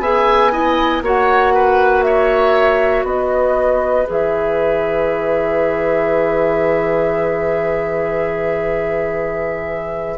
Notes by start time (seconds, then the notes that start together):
0.00 B3 G#4 E5 G#5
0.52 E4 D#5
1.02 A#3 F#4 C#5 F#5
1.54 B4
2.03 C#5 E5
3.04 B3 B4 D#5
4.06 E3 G#4 E5